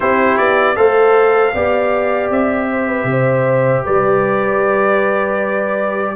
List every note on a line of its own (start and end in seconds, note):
0.00 0.38 C4
0.00 0.75 E4
0.00 0.76 G4
0.00 0.37 C5
0.37 0.76 B3
0.37 0.76 D5
0.75 1.53 A3
0.75 1.52 A4
0.75 1.53 C5
0.75 2.29 F5
1.54 2.30 B3
1.54 6.15 G4
1.54 2.69 D5
2.30 3.04 C4
2.30 3.85 E5
2.71 2.87 C5
2.87 3.06 B4
3.04 3.81 C3
3.10 3.84 C5
3.84 6.15 G3
3.84 6.15 B4
3.84 6.15 D5